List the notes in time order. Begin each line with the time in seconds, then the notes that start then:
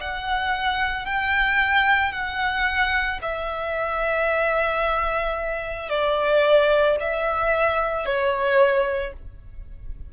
0.00 F#5
1.05 G5
2.12 F#5
3.21 E5
5.89 D5
6.99 E5
8.06 C#5